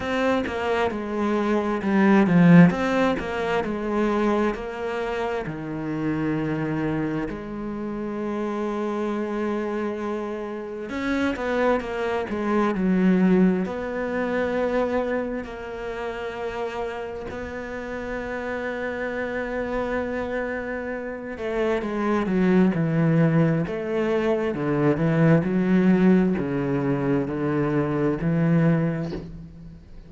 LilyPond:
\new Staff \with { instrumentName = "cello" } { \time 4/4 \tempo 4 = 66 c'8 ais8 gis4 g8 f8 c'8 ais8 | gis4 ais4 dis2 | gis1 | cis'8 b8 ais8 gis8 fis4 b4~ |
b4 ais2 b4~ | b2.~ b8 a8 | gis8 fis8 e4 a4 d8 e8 | fis4 cis4 d4 e4 | }